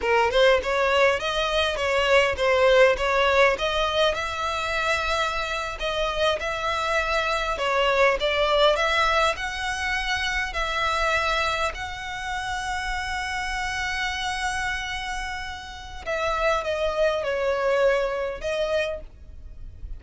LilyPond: \new Staff \with { instrumentName = "violin" } { \time 4/4 \tempo 4 = 101 ais'8 c''8 cis''4 dis''4 cis''4 | c''4 cis''4 dis''4 e''4~ | e''4.~ e''16 dis''4 e''4~ e''16~ | e''8. cis''4 d''4 e''4 fis''16~ |
fis''4.~ fis''16 e''2 fis''16~ | fis''1~ | fis''2. e''4 | dis''4 cis''2 dis''4 | }